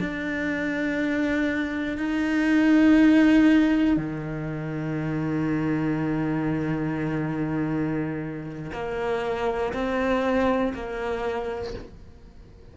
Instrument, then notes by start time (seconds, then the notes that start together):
cello
0.00 D4
1.98 D#4
3.97 D#3
8.73 A#3
9.73 C4
10.75 A#3